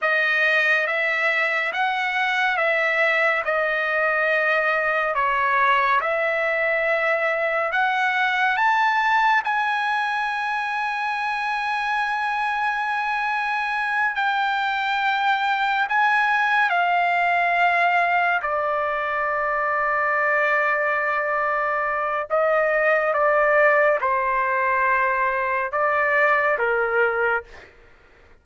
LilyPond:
\new Staff \with { instrumentName = "trumpet" } { \time 4/4 \tempo 4 = 70 dis''4 e''4 fis''4 e''4 | dis''2 cis''4 e''4~ | e''4 fis''4 a''4 gis''4~ | gis''1~ |
gis''8 g''2 gis''4 f''8~ | f''4. d''2~ d''8~ | d''2 dis''4 d''4 | c''2 d''4 ais'4 | }